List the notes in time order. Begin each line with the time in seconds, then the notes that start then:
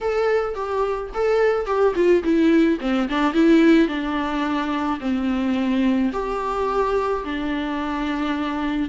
0.00 A4
0.54 G4
1.14 A4
1.66 G4
1.95 F4
2.23 E4
2.80 C4
3.08 D4
3.33 E4
3.88 D4
4.99 C4
6.12 G4
7.24 D4